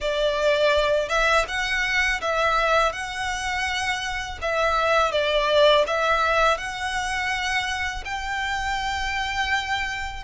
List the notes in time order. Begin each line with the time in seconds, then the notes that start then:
0.00 D5
1.08 E5
1.47 F#5
2.21 E5
2.92 F#5
4.41 E5
5.11 D5
5.86 E5
6.57 F#5
8.05 G5